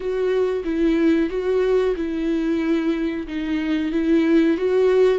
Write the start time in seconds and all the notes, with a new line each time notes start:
0.00 F#4
0.64 E4
1.29 F#4
1.96 E4
3.27 D#4
3.91 E4
4.57 F#4